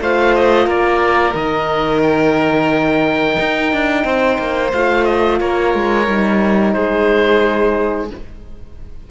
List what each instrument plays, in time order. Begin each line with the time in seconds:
0.00 cello A3, horn F4, violin C5, oboe F5
0.35 oboe D#5
0.66 cello A#3, violin A#4, oboe D5
1.34 cello D#3, horn D#4, oboe D#5
2.02 oboe G5
3.39 cello D#4
3.73 cello D4
4.04 cello C4, violin C5
4.38 cello A#3
4.72 cello A3, horn F4, oboe F5
5.04 oboe D#5
5.39 cello A#3, violin A#4, oboe C#5
5.74 cello G#3
6.06 cello G3, horn D#4
6.73 cello G#3, violin G#4, oboe C5